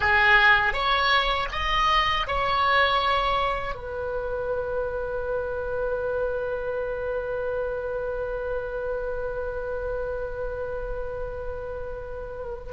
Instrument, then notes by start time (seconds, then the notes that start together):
oboe
0.00 G#4
0.73 C#5
1.52 D#5
2.27 C#5
3.74 B4